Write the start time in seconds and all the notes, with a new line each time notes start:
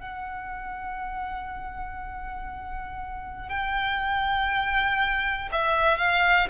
0.00 F#5
3.49 G5
5.52 E5
5.97 F5